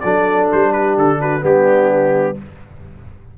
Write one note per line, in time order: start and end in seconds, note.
0.00 0.51 F#3
0.00 1.41 D4
0.00 0.72 A4
0.00 0.47 D5
0.52 0.98 G3
0.52 0.72 C5
0.72 1.19 G4
0.72 0.96 B4
0.98 1.44 D3
0.98 1.21 A4
1.21 1.44 F#4
1.21 1.44 B4
1.41 2.37 G3
1.41 2.34 B3
1.41 2.37 D4
1.41 2.38 G4